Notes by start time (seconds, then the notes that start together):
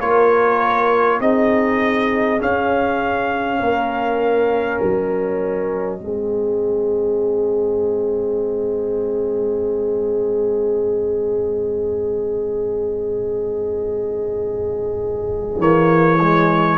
0.00 A#3 F4 A#4 C#5
1.20 C4 D#4 G#4 D#5
2.39 C#4 F5
3.60 A#3 A#4
4.82 F#3 D#5
5.99 G#3 C4 G#4
15.59 E3 A#3 C#5
16.21 G#3